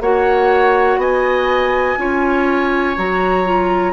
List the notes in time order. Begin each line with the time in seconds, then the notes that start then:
0.00 A#3 F#4 C#5 F#5
0.97 B3 D#5 G#5
1.97 C#4 F4 C#5
2.96 F#3 F#4 A#5
3.45 F4